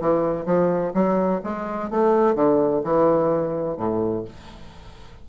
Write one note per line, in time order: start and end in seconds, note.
0.00 0.46 E3
0.46 0.93 F3
0.94 1.41 F#3
1.43 1.90 G#3
1.90 2.35 A3
2.35 2.82 D3
2.83 3.77 E3
3.77 4.24 A2